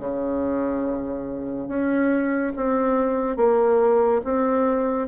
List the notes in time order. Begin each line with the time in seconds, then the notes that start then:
0.00 C#3
1.69 C#4
2.57 C4
3.37 A#3
4.24 C4